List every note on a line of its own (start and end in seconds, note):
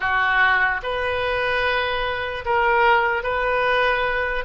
0.00 0.81 F#4
0.82 2.44 B4
2.45 3.23 A#4
3.23 4.44 B4